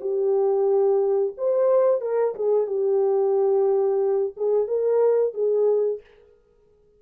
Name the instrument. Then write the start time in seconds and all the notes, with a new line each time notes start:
horn
0.00 G4
1.37 C5
2.01 A#4
2.35 G#4
2.66 G4
4.36 G#4
4.67 A#4
5.33 G#4